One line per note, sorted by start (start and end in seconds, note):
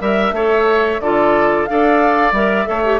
0.00 0.32 G3
0.00 0.33 A#4
0.00 0.34 E5
0.00 1.01 E5
0.32 0.98 A3
0.32 1.02 A4
0.32 1.01 C#5
1.00 1.66 D3
1.00 1.67 F4
1.00 1.69 A4
1.00 1.65 D5
1.65 2.32 D4
1.65 2.34 A4
1.65 2.69 D5
1.65 2.32 F5
2.32 2.65 G3
2.32 2.66 A#4
2.32 2.99 E5
2.66 2.99 A3
2.66 2.82 A4
2.66 2.99 C#5
2.84 2.99 G4